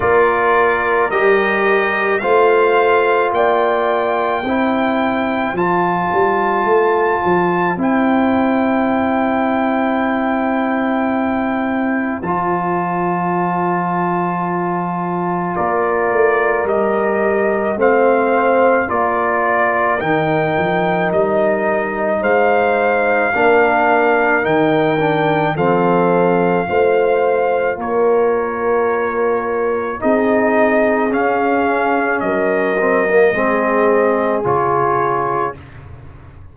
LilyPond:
<<
  \new Staff \with { instrumentName = "trumpet" } { \time 4/4 \tempo 4 = 54 d''4 dis''4 f''4 g''4~ | g''4 a''2 g''4~ | g''2. a''4~ | a''2 d''4 dis''4 |
f''4 d''4 g''4 dis''4 | f''2 g''4 f''4~ | f''4 cis''2 dis''4 | f''4 dis''2 cis''4 | }
  \new Staff \with { instrumentName = "horn" } { \time 4/4 ais'2 c''4 d''4 | c''1~ | c''1~ | c''2 ais'2 |
c''4 ais'2. | c''4 ais'2 a'4 | c''4 ais'2 gis'4~ | gis'4 ais'4 gis'2 | }
  \new Staff \with { instrumentName = "trombone" } { \time 4/4 f'4 g'4 f'2 | e'4 f'2 e'4~ | e'2. f'4~ | f'2. g'4 |
c'4 f'4 dis'2~ | dis'4 d'4 dis'8 d'8 c'4 | f'2. dis'4 | cis'4. c'16 ais16 c'4 f'4 | }
  \new Staff \with { instrumentName = "tuba" } { \time 4/4 ais4 g4 a4 ais4 | c'4 f8 g8 a8 f8 c'4~ | c'2. f4~ | f2 ais8 a8 g4 |
a4 ais4 dis8 f8 g4 | gis4 ais4 dis4 f4 | a4 ais2 c'4 | cis'4 fis4 gis4 cis4 | }
>>